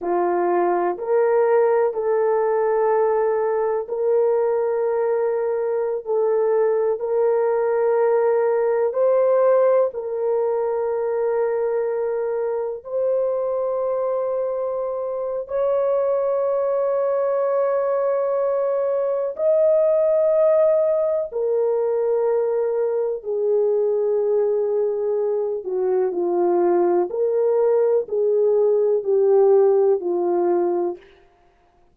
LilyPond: \new Staff \with { instrumentName = "horn" } { \time 4/4 \tempo 4 = 62 f'4 ais'4 a'2 | ais'2~ ais'16 a'4 ais'8.~ | ais'4~ ais'16 c''4 ais'4.~ ais'16~ | ais'4~ ais'16 c''2~ c''8. |
cis''1 | dis''2 ais'2 | gis'2~ gis'8 fis'8 f'4 | ais'4 gis'4 g'4 f'4 | }